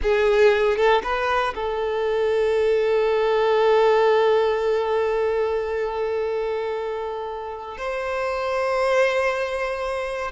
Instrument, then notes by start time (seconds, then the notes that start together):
violin
0.02 G#4
0.76 A4
1.03 B4
1.54 A4
7.77 C5